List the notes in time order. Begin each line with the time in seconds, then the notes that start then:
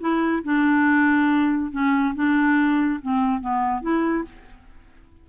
0.00 E4
0.44 D4
1.71 C#4
2.15 D4
3.02 C4
3.41 B3
3.81 E4